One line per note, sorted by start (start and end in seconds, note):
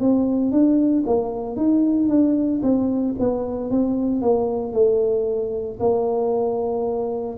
0.00 0.51 C4
0.51 1.04 D4
1.06 1.56 A#3
1.56 2.09 D#4
2.09 2.61 D4
2.63 3.15 C4
3.19 3.70 B3
3.70 4.22 C4
4.22 4.73 A#3
4.73 5.78 A3
5.79 7.37 A#3